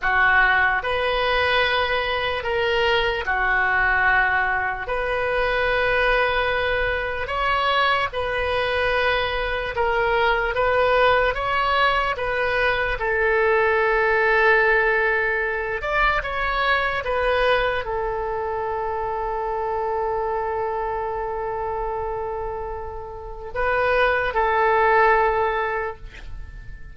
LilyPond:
\new Staff \with { instrumentName = "oboe" } { \time 4/4 \tempo 4 = 74 fis'4 b'2 ais'4 | fis'2 b'2~ | b'4 cis''4 b'2 | ais'4 b'4 cis''4 b'4 |
a'2.~ a'8 d''8 | cis''4 b'4 a'2~ | a'1~ | a'4 b'4 a'2 | }